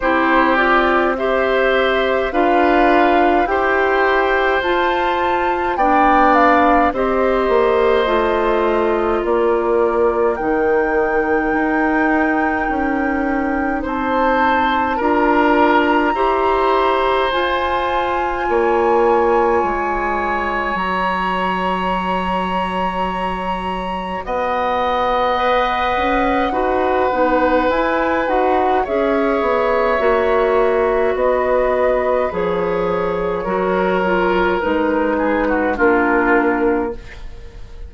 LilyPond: <<
  \new Staff \with { instrumentName = "flute" } { \time 4/4 \tempo 4 = 52 c''8 d''8 e''4 f''4 g''4 | a''4 g''8 f''8 dis''2 | d''4 g''2. | a''4 ais''2 gis''4~ |
gis''2 ais''2~ | ais''4 fis''2. | gis''8 fis''8 e''2 dis''4 | cis''2 b'4 ais'4 | }
  \new Staff \with { instrumentName = "oboe" } { \time 4/4 g'4 c''4 b'4 c''4~ | c''4 d''4 c''2 | ais'1 | c''4 ais'4 c''2 |
cis''1~ | cis''4 dis''2 b'4~ | b'4 cis''2 b'4~ | b'4 ais'4. gis'16 fis'16 f'4 | }
  \new Staff \with { instrumentName = "clarinet" } { \time 4/4 e'8 f'8 g'4 f'4 g'4 | f'4 d'4 g'4 f'4~ | f'4 dis'2.~ | dis'4 f'4 g'4 f'4~ |
f'2 fis'2~ | fis'2 b'4 fis'8 dis'8 | e'8 fis'8 gis'4 fis'2 | gis'4 fis'8 f'8 dis'4 d'4 | }
  \new Staff \with { instrumentName = "bassoon" } { \time 4/4 c'2 d'4 e'4 | f'4 b4 c'8 ais8 a4 | ais4 dis4 dis'4 cis'4 | c'4 d'4 e'4 f'4 |
ais4 gis4 fis2~ | fis4 b4. cis'8 dis'8 b8 | e'8 dis'8 cis'8 b8 ais4 b4 | f4 fis4 gis4 ais4 | }
>>